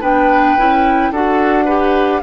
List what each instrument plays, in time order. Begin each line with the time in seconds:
0.00 bassoon B3, clarinet D4, oboe B4, flute G5
0.57 bassoon C#4, clarinet E4
1.11 bassoon D4, clarinet F#4, oboe A4, flute F#5
1.65 clarinet G4, oboe B4